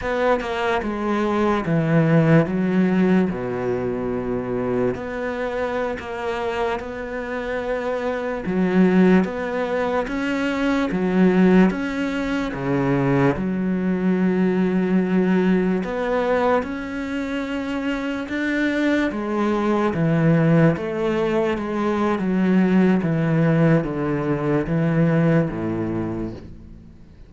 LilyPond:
\new Staff \with { instrumentName = "cello" } { \time 4/4 \tempo 4 = 73 b8 ais8 gis4 e4 fis4 | b,2 b4~ b16 ais8.~ | ais16 b2 fis4 b8.~ | b16 cis'4 fis4 cis'4 cis8.~ |
cis16 fis2. b8.~ | b16 cis'2 d'4 gis8.~ | gis16 e4 a4 gis8. fis4 | e4 d4 e4 a,4 | }